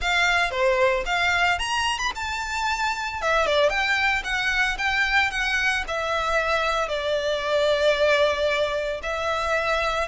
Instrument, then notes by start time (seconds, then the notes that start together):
violin
0.01 F5
0.50 C5
1.05 F5
1.58 A#5
1.98 B5
2.15 A5
3.21 E5
3.46 D5
3.69 G5
4.24 F#5
4.78 G5
5.30 F#5
5.87 E5
6.88 D5
9.03 E5